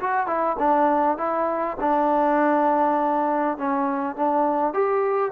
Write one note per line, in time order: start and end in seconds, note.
0.00 0.27 F#4
0.27 0.56 E4
0.59 1.17 D4
1.17 1.77 E4
1.80 3.58 D4
3.58 4.16 C#4
4.16 4.74 D4
4.74 5.32 G4